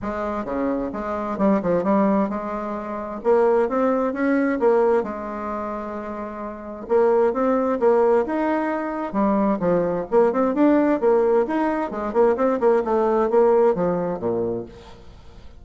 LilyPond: \new Staff \with { instrumentName = "bassoon" } { \time 4/4 \tempo 4 = 131 gis4 cis4 gis4 g8 f8 | g4 gis2 ais4 | c'4 cis'4 ais4 gis4~ | gis2. ais4 |
c'4 ais4 dis'2 | g4 f4 ais8 c'8 d'4 | ais4 dis'4 gis8 ais8 c'8 ais8 | a4 ais4 f4 ais,4 | }